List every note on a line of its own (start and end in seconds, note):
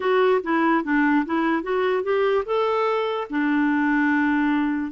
0.00 0.41 F#4
0.43 0.84 E4
0.84 1.25 D4
1.25 1.62 E4
1.62 2.03 F#4
2.03 2.44 G4
2.45 3.27 A4
3.30 4.91 D4